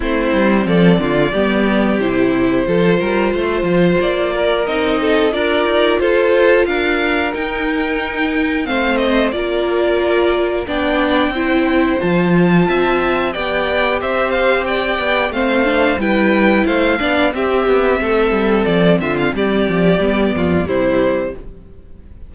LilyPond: <<
  \new Staff \with { instrumentName = "violin" } { \time 4/4 \tempo 4 = 90 c''4 d''2 c''4~ | c''2 d''4 dis''4 | d''4 c''4 f''4 g''4~ | g''4 f''8 dis''8 d''2 |
g''2 a''2 | g''4 e''8 f''8 g''4 f''4 | g''4 f''4 e''2 | d''8 e''16 f''16 d''2 c''4 | }
  \new Staff \with { instrumentName = "violin" } { \time 4/4 e'4 a'8 f'8 g'2 | a'8 ais'8 c''4. ais'4 a'8 | ais'4 a'4 ais'2~ | ais'4 c''4 ais'2 |
d''4 c''2 e''4 | d''4 c''4 d''4 c''4 | b'4 c''8 d''8 g'4 a'4~ | a'8 f'8 g'4. f'8 e'4 | }
  \new Staff \with { instrumentName = "viola" } { \time 4/4 c'2 b4 e'4 | f'2. dis'4 | f'2. dis'4~ | dis'4 c'4 f'2 |
d'4 e'4 f'2 | g'2. c'8 d'8 | e'4. d'8 c'2~ | c'2 b4 g4 | }
  \new Staff \with { instrumentName = "cello" } { \time 4/4 a8 g8 f8 d8 g4 c4 | f8 g8 a8 f8 ais4 c'4 | d'8 dis'8 f'4 d'4 dis'4~ | dis'4 a4 ais2 |
b4 c'4 f4 c'4 | b4 c'4. b8 a4 | g4 a8 b8 c'8 b8 a8 g8 | f8 d8 g8 f8 g8 f,8 c4 | }
>>